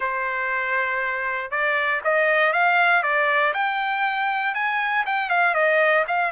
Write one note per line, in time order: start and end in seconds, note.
0.00 1.51 C5
1.51 2.01 D5
2.04 2.52 D#5
2.52 3.02 F5
3.02 3.53 D5
3.53 4.54 G5
4.54 5.04 G#5
5.06 5.29 G5
5.29 5.54 F5
5.54 6.04 D#5
6.07 6.31 F5